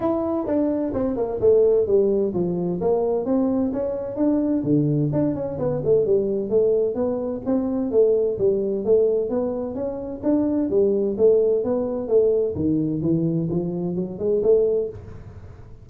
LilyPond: \new Staff \with { instrumentName = "tuba" } { \time 4/4 \tempo 4 = 129 e'4 d'4 c'8 ais8 a4 | g4 f4 ais4 c'4 | cis'4 d'4 d4 d'8 cis'8 | b8 a8 g4 a4 b4 |
c'4 a4 g4 a4 | b4 cis'4 d'4 g4 | a4 b4 a4 dis4 | e4 f4 fis8 gis8 a4 | }